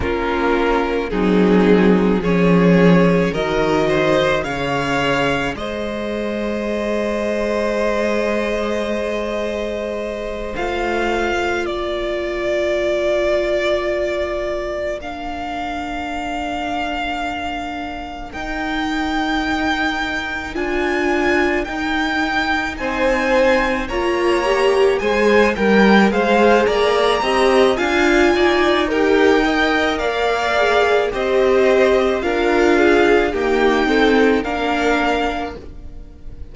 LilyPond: <<
  \new Staff \with { instrumentName = "violin" } { \time 4/4 \tempo 4 = 54 ais'4 gis'4 cis''4 dis''4 | f''4 dis''2.~ | dis''4. f''4 d''4.~ | d''4. f''2~ f''8~ |
f''8 g''2 gis''4 g''8~ | g''8 gis''4 ais''4 gis''8 g''8 f''8 | ais''4 gis''4 g''4 f''4 | dis''4 f''4 g''4 f''4 | }
  \new Staff \with { instrumentName = "violin" } { \time 4/4 f'4 dis'4 gis'4 ais'8 c''8 | cis''4 c''2.~ | c''2~ c''8 ais'4.~ | ais'1~ |
ais'1~ | ais'8 c''4 cis''4 c''8 ais'8 c''8 | d''8 dis''8 f''8 d''8 ais'8 dis''8 d''4 | c''4 ais'8 gis'8 g'8 a'8 ais'4 | }
  \new Staff \with { instrumentName = "viola" } { \time 4/4 cis'4 c'4 cis'4 fis'4 | gis'1~ | gis'4. f'2~ f'8~ | f'4. d'2~ d'8~ |
d'8 dis'2 f'4 dis'8~ | dis'4. f'8 g'8 gis'8 ais'8 gis'8~ | gis'8 g'8 f'4 g'8 ais'4 gis'8 | g'4 f'4 ais8 c'8 d'4 | }
  \new Staff \with { instrumentName = "cello" } { \time 4/4 ais4 fis4 f4 dis4 | cis4 gis2.~ | gis4. a4 ais4.~ | ais1~ |
ais8 dis'2 d'4 dis'8~ | dis'8 c'4 ais4 gis8 g8 gis8 | ais8 c'8 d'8 dis'4. ais4 | c'4 d'4 dis'4 ais4 | }
>>